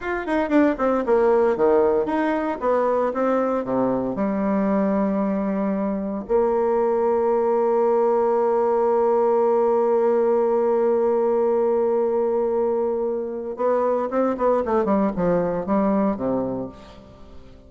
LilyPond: \new Staff \with { instrumentName = "bassoon" } { \time 4/4 \tempo 4 = 115 f'8 dis'8 d'8 c'8 ais4 dis4 | dis'4 b4 c'4 c4 | g1 | ais1~ |
ais1~ | ais1~ | ais2 b4 c'8 b8 | a8 g8 f4 g4 c4 | }